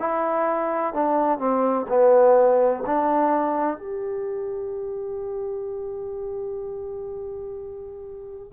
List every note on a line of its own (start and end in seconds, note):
0.00 0.94 E4
0.94 1.39 D4
1.39 1.86 C4
1.89 2.84 B3
2.87 3.78 D4
3.78 8.53 G4